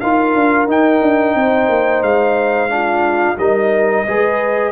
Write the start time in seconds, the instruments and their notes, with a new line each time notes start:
0.00 tuba D#4, trombone F4, horn A#4, trumpet F5
0.35 tuba D4
0.67 tuba D#4, trombone D#4, trumpet G5
1.02 tuba D4
1.35 tuba C4, horn C5
1.69 tuba A#3
2.02 tuba G#3, trumpet F5
2.69 trombone D4, horn F4
3.38 tuba G3, trombone D#4, horn A#4, trumpet D#5
4.06 tuba G#3, trombone G#4, horn B4